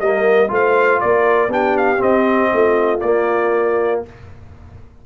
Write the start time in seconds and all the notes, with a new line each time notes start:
0.00 G3 A#3 A#4 D#5
0.48 A3 F4 C5
0.54 F5
1.01 A#3 A#4 D5
1.48 B3 D4 G4 G5
1.77 F5
1.97 C4 D#5
2.53 A3 F4
3.00 A#3 D5